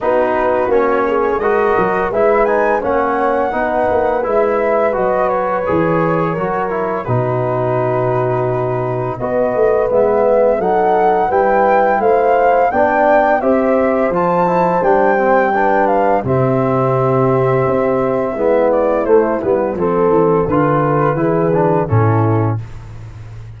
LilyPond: <<
  \new Staff \with { instrumentName = "flute" } { \time 4/4 \tempo 4 = 85 b'4 cis''4 dis''4 e''8 gis''8 | fis''2 e''4 dis''8 cis''8~ | cis''2 b'2~ | b'4 dis''4 e''4 fis''4 |
g''4 f''4 g''4 e''4 | a''4 g''4. f''8 e''4~ | e''2~ e''8 d''8 c''8 b'8 | a'4 b'2 a'4 | }
  \new Staff \with { instrumentName = "horn" } { \time 4/4 fis'4. gis'8 ais'4 b'4 | cis''4 b'2.~ | b'4 ais'4 fis'2~ | fis'4 b'2 a'4 |
b'4 c''4 d''4 c''4~ | c''2 b'4 g'4~ | g'2 e'2 | a'2 gis'4 e'4 | }
  \new Staff \with { instrumentName = "trombone" } { \time 4/4 dis'4 cis'4 fis'4 e'8 dis'8 | cis'4 dis'4 e'4 fis'4 | gis'4 fis'8 e'8 dis'2~ | dis'4 fis'4 b4 dis'4 |
e'2 d'4 g'4 | f'8 e'8 d'8 c'8 d'4 c'4~ | c'2 b4 a8 b8 | c'4 f'4 e'8 d'8 cis'4 | }
  \new Staff \with { instrumentName = "tuba" } { \time 4/4 b4 ais4 gis8 fis8 gis4 | ais4 b8 ais8 gis4 fis4 | e4 fis4 b,2~ | b,4 b8 a8 gis4 fis4 |
g4 a4 b4 c'4 | f4 g2 c4~ | c4 c'4 gis4 a8 g8 | f8 e8 d4 e4 a,4 | }
>>